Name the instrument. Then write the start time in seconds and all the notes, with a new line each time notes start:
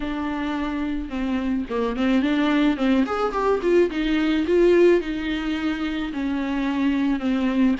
viola
0.00 D4
1.09 C4
1.69 A#3
1.96 C4
2.21 D4
2.77 C4
3.06 G#4
3.32 G4
3.62 F4
3.90 D#4
4.46 F4
5.01 D#4
6.13 C#4
7.19 C4